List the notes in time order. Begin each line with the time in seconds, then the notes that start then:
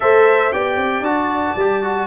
0.00 A3 A4 C5 E5
0.52 B3 G4 D5 G5
0.76 C4
1.00 D4 F#4 A5
1.55 G3 G4
1.83 F#4